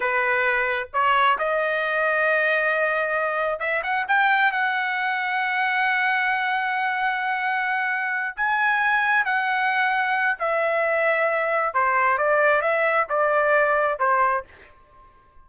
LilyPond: \new Staff \with { instrumentName = "trumpet" } { \time 4/4 \tempo 4 = 133 b'2 cis''4 dis''4~ | dis''1 | e''8 fis''8 g''4 fis''2~ | fis''1~ |
fis''2~ fis''8 gis''4.~ | gis''8 fis''2~ fis''8 e''4~ | e''2 c''4 d''4 | e''4 d''2 c''4 | }